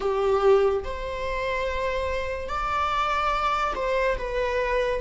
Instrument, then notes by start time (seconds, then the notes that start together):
viola
0.00 G4
0.84 C5
2.48 D5
3.75 C5
4.17 B4